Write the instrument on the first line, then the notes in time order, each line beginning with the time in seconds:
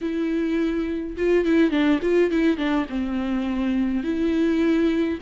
viola
0.01 E4
1.16 F4
1.45 E4
1.70 D4
2.01 F4
2.30 E4
2.57 D4
2.89 C4
4.03 E4